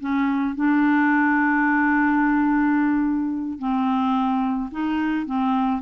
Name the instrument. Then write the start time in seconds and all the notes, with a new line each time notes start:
clarinet
0.00 C#4
0.55 D4
3.59 C4
4.71 D#4
5.26 C4